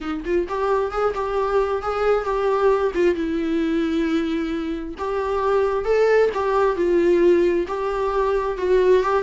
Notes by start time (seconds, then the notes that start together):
0.00 D#4
0.24 F4
0.48 G4
0.91 G#4
1.14 G4
1.82 G#4
2.24 G4
2.94 F4
3.15 E4
4.98 G4
5.84 A4
6.33 G4
6.76 F4
7.67 G4
8.57 F#4
9.02 G4